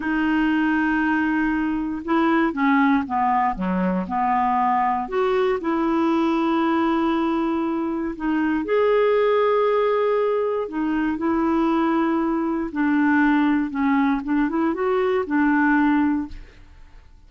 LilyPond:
\new Staff \with { instrumentName = "clarinet" } { \time 4/4 \tempo 4 = 118 dis'1 | e'4 cis'4 b4 fis4 | b2 fis'4 e'4~ | e'1 |
dis'4 gis'2.~ | gis'4 dis'4 e'2~ | e'4 d'2 cis'4 | d'8 e'8 fis'4 d'2 | }